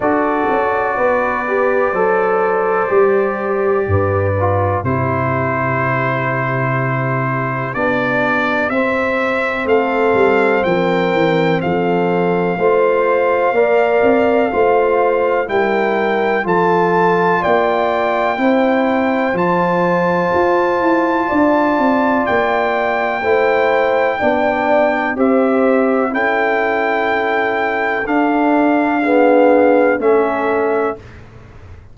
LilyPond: <<
  \new Staff \with { instrumentName = "trumpet" } { \time 4/4 \tempo 4 = 62 d''1~ | d''4 c''2. | d''4 e''4 f''4 g''4 | f''1 |
g''4 a''4 g''2 | a''2. g''4~ | g''2 e''4 g''4~ | g''4 f''2 e''4 | }
  \new Staff \with { instrumentName = "horn" } { \time 4/4 a'4 b'4 c''2 | b'4 g'2.~ | g'2 a'4 ais'4 | a'4 c''4 d''4 c''4 |
ais'4 a'4 d''4 c''4~ | c''2 d''2 | c''4 d''4 c''4 a'4~ | a'2 gis'4 a'4 | }
  \new Staff \with { instrumentName = "trombone" } { \time 4/4 fis'4. g'8 a'4 g'4~ | g'8 f'8 e'2. | d'4 c'2.~ | c'4 f'4 ais'4 f'4 |
e'4 f'2 e'4 | f'1 | e'4 d'4 g'4 e'4~ | e'4 d'4 b4 cis'4 | }
  \new Staff \with { instrumentName = "tuba" } { \time 4/4 d'8 cis'8 b4 fis4 g4 | g,4 c2. | b4 c'4 a8 g8 f8 e8 | f4 a4 ais8 c'8 a4 |
g4 f4 ais4 c'4 | f4 f'8 e'8 d'8 c'8 ais4 | a4 b4 c'4 cis'4~ | cis'4 d'2 a4 | }
>>